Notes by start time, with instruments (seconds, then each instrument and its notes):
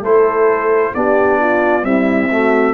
0.00 tuba A3, trombone E4, horn A4, trumpet C5
0.95 tuba B3, trombone D4, horn G4, trumpet D5
1.40 horn F4
1.83 trombone G3, tuba C4, horn E4, trumpet E5
2.31 trombone A3, horn F#4